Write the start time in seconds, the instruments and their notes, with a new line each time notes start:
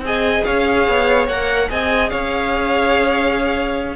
0.00 cello C4, viola G#4
0.06 violin D#5 G#5
0.44 cello C#4, violin C#5 F5
0.88 cello B3
1.28 cello A#3, viola A#4, violin F#5
1.69 cello C4, viola G#4, violin D#5 G#5
2.10 cello C#4, violin C#5 F5